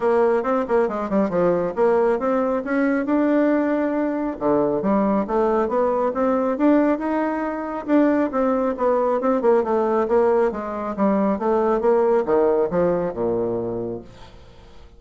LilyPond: \new Staff \with { instrumentName = "bassoon" } { \time 4/4 \tempo 4 = 137 ais4 c'8 ais8 gis8 g8 f4 | ais4 c'4 cis'4 d'4~ | d'2 d4 g4 | a4 b4 c'4 d'4 |
dis'2 d'4 c'4 | b4 c'8 ais8 a4 ais4 | gis4 g4 a4 ais4 | dis4 f4 ais,2 | }